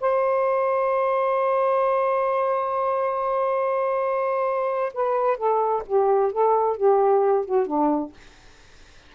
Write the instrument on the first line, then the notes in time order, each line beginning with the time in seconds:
saxophone
0.00 C5
4.93 B4
5.37 A4
5.86 G4
6.32 A4
6.76 G4
7.45 F#4
7.66 D4